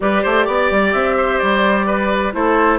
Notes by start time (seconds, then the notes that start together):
0.00 G3 G4 B4 D5
0.22 A3 C5
0.45 B3 D5
0.71 G3
0.92 C4 E5
1.17 C5
1.38 G3 D5
1.86 B4
2.32 A3 E4 A4 C5